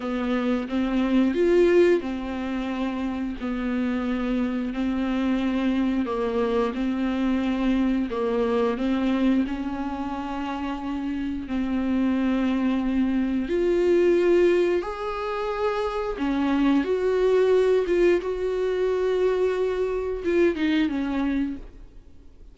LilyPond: \new Staff \with { instrumentName = "viola" } { \time 4/4 \tempo 4 = 89 b4 c'4 f'4 c'4~ | c'4 b2 c'4~ | c'4 ais4 c'2 | ais4 c'4 cis'2~ |
cis'4 c'2. | f'2 gis'2 | cis'4 fis'4. f'8 fis'4~ | fis'2 f'8 dis'8 cis'4 | }